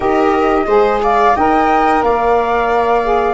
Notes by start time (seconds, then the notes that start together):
0.00 D#4 G4 A#4 D#5
0.66 G#3 G#4 C5
1.03 D5 F5
1.35 D#4 A#4 D#5 G5
2.03 A#3 D5 F5
3.03 G#4